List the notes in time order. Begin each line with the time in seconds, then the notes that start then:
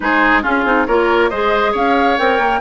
0.00 G#3 D#4 G#4 C5
0.42 C#4 F4 G#4
0.64 C4 D#4
0.87 A#3 F4 A#4 C#5
1.29 G#3 G#4 C5 D#5
1.72 C#4 C#5 F5
2.18 C4 A#4 G5
2.38 A#3